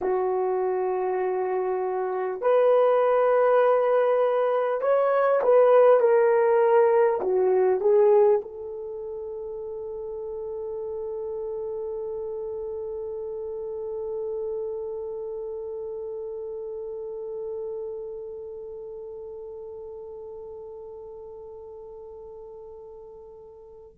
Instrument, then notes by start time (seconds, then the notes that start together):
horn
0.01 F#4
2.41 B4
4.81 C#5
5.42 B4
5.99 A#4
7.20 F#4
7.80 G#4
8.42 A4